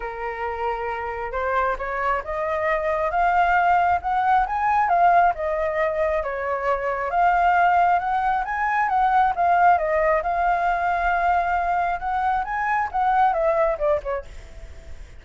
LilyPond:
\new Staff \with { instrumentName = "flute" } { \time 4/4 \tempo 4 = 135 ais'2. c''4 | cis''4 dis''2 f''4~ | f''4 fis''4 gis''4 f''4 | dis''2 cis''2 |
f''2 fis''4 gis''4 | fis''4 f''4 dis''4 f''4~ | f''2. fis''4 | gis''4 fis''4 e''4 d''8 cis''8 | }